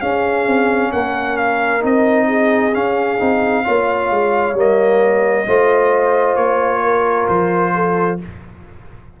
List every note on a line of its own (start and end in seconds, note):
0.00 1.80 C#4
0.00 0.47 C#4
0.00 0.91 G#4
0.00 0.91 F5
0.47 0.92 C4
0.91 1.83 A#3
0.91 2.27 A#4
0.91 1.37 F#5
1.37 1.82 F5
1.80 2.74 C4
1.80 2.71 D#4
1.80 2.74 D#5
2.27 3.63 G#4
2.74 3.19 C#4
2.74 3.20 C#4
2.74 4.56 F5
3.19 3.66 C4
3.19 3.64 D#4
3.64 4.10 A#3
3.64 4.55 F4
3.64 5.47 C#5
4.10 4.53 G#3
4.53 5.44 G3
4.53 5.46 A#3
4.53 6.36 D#5
5.46 6.36 A3
5.46 8.19 F4
5.46 6.82 C5
6.36 7.27 A#3
6.36 7.27 C#5
6.82 7.73 A#4
7.27 8.20 F3
7.27 8.18 C5
7.74 8.20 A4